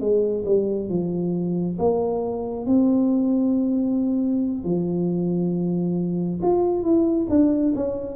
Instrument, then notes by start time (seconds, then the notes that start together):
tuba
0.00 G#3
0.45 G3
0.89 F3
1.78 A#3
2.66 C4
4.64 F3
6.42 F4
6.83 E4
7.30 D4
7.76 C#4